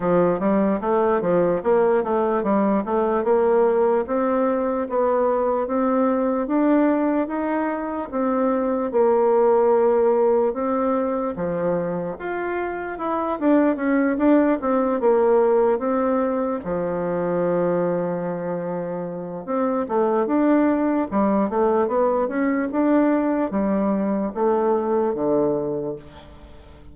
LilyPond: \new Staff \with { instrumentName = "bassoon" } { \time 4/4 \tempo 4 = 74 f8 g8 a8 f8 ais8 a8 g8 a8 | ais4 c'4 b4 c'4 | d'4 dis'4 c'4 ais4~ | ais4 c'4 f4 f'4 |
e'8 d'8 cis'8 d'8 c'8 ais4 c'8~ | c'8 f2.~ f8 | c'8 a8 d'4 g8 a8 b8 cis'8 | d'4 g4 a4 d4 | }